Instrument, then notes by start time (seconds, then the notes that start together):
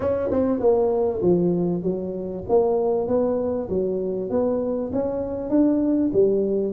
tuba
0.00 C#4
0.30 C4
0.59 A#3
1.22 F3
1.82 F#3
2.48 A#3
3.07 B3
3.69 F#3
4.30 B3
4.92 C#4
5.49 D4
6.13 G3